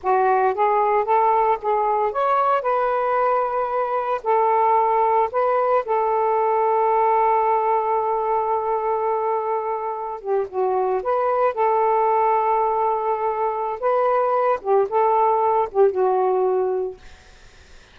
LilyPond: \new Staff \with { instrumentName = "saxophone" } { \time 4/4 \tempo 4 = 113 fis'4 gis'4 a'4 gis'4 | cis''4 b'2. | a'2 b'4 a'4~ | a'1~ |
a'2.~ a'16 g'8 fis'16~ | fis'8. b'4 a'2~ a'16~ | a'2 b'4. g'8 | a'4. g'8 fis'2 | }